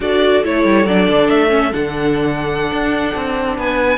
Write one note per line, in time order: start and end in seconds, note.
0.00 0.43 D4
0.00 0.43 F#4
0.00 3.56 A4
0.00 0.44 D5
0.43 0.64 A3
0.43 0.86 E4
0.43 0.86 C#5
0.64 0.86 G3
0.86 1.07 F#3
0.86 1.49 D4
0.86 1.29 D5
1.08 1.29 D3
1.29 1.72 A3
1.29 1.72 E5
1.49 1.71 C#4
1.72 2.71 D3
1.72 3.97 D4
1.72 3.56 F#5
2.71 3.14 D4
3.15 3.57 C4
3.56 3.97 B3
3.56 3.97 B4
3.56 3.97 G#5